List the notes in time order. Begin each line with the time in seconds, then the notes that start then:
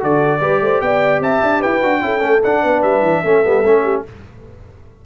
0.00 D3 F#4 A4 D5
0.41 G3 G4 B4
0.61 A3 C5
0.81 B3 D5 G5
1.20 C4 E5 A5
1.43 D4
1.60 E4 B4 G5
1.82 D4 F#4
2.02 C#4 E4 A4
2.19 A3 C#4
2.44 D4 F#5
2.63 B3 B4
2.83 G3 E5
3.02 E3
3.24 A3 C#4 A4
3.44 G3 B3
3.65 A3 C#4
3.84 G4